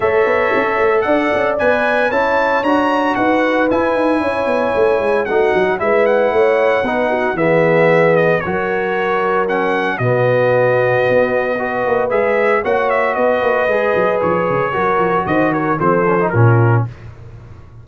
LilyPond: <<
  \new Staff \with { instrumentName = "trumpet" } { \time 4/4 \tempo 4 = 114 e''2 fis''4 gis''4 | a''4 ais''4 fis''4 gis''4~ | gis''2 fis''4 e''8 fis''8~ | fis''2 e''4. dis''8 |
cis''2 fis''4 dis''4~ | dis''2. e''4 | fis''8 e''8 dis''2 cis''4~ | cis''4 dis''8 cis''8 c''4 ais'4 | }
  \new Staff \with { instrumentName = "horn" } { \time 4/4 cis''2 d''2 | cis''2 b'2 | cis''2 fis'4 b'4 | cis''4 b'8 fis'8 gis'2 |
ais'2. fis'4~ | fis'2 b'2 | cis''4 b'2. | ais'4 c''8 ais'8 a'4 f'4 | }
  \new Staff \with { instrumentName = "trombone" } { \time 4/4 a'2. b'4 | e'4 fis'2 e'4~ | e'2 dis'4 e'4~ | e'4 dis'4 b2 |
fis'2 cis'4 b4~ | b2 fis'4 gis'4 | fis'2 gis'2 | fis'2 c'8 cis'16 dis'16 cis'4 | }
  \new Staff \with { instrumentName = "tuba" } { \time 4/4 a8 b8 cis'8 a8 d'8 cis'8 b4 | cis'4 d'4 dis'4 e'8 dis'8 | cis'8 b8 a8 gis8 a8 fis8 gis4 | a4 b4 e2 |
fis2. b,4~ | b,4 b4. ais8 gis4 | ais4 b8 ais8 gis8 fis8 f8 cis8 | fis8 f8 dis4 f4 ais,4 | }
>>